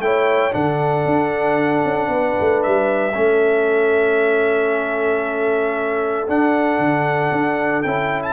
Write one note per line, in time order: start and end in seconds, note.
0.00 0.52 A3
0.00 0.51 E4
0.00 0.55 C#5
0.00 0.53 G5
0.51 1.05 D3
0.51 3.12 D4
0.51 2.11 A4
0.51 2.62 F#5
1.05 1.83 D4
1.84 2.08 C#4
2.08 2.34 B3
2.08 3.16 B4
2.40 2.66 A3
2.62 3.16 G3
2.62 6.27 E5
3.14 6.28 A3
3.14 6.27 C#4
3.14 8.33 A4
6.28 7.84 D4
6.28 6.78 D4
6.28 7.82 F#5
6.78 7.30 D3
7.32 7.84 D4
7.82 8.33 C#4
7.82 8.33 E4
7.82 8.21 G5
8.22 8.33 A5